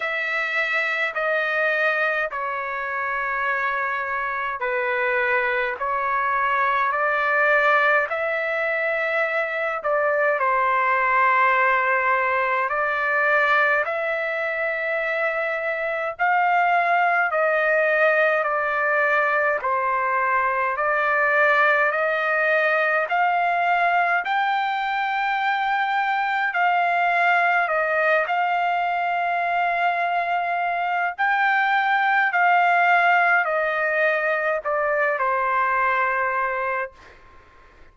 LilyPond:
\new Staff \with { instrumentName = "trumpet" } { \time 4/4 \tempo 4 = 52 e''4 dis''4 cis''2 | b'4 cis''4 d''4 e''4~ | e''8 d''8 c''2 d''4 | e''2 f''4 dis''4 |
d''4 c''4 d''4 dis''4 | f''4 g''2 f''4 | dis''8 f''2~ f''8 g''4 | f''4 dis''4 d''8 c''4. | }